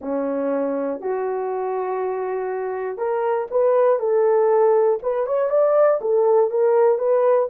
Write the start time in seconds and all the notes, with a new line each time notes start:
0.01 C#4
1.00 F#4
2.97 A#4
3.50 B4
3.99 A4
5.02 B4
5.26 C#5
5.50 D5
6.01 A4
6.50 A#4
6.98 B4